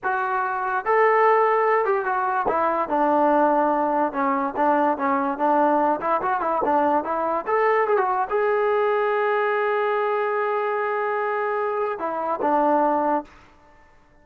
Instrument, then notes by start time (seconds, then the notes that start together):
trombone
0.03 F#4
0.85 A4
1.85 G4
2.05 F#4
2.48 E4
2.88 D4
4.12 C#4
4.56 D4
4.97 C#4
5.37 D4
6.00 E4
6.21 F#4
6.40 E4
6.64 D4
7.03 E4
7.46 A4
7.87 G#4
7.97 F#4
8.29 G#4
11.98 E4
12.41 D4